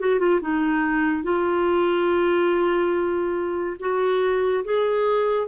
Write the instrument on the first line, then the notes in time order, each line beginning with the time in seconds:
clarinet
0.00 F#4
0.19 F4
0.41 D#4
1.23 F4
3.80 F#4
4.65 G#4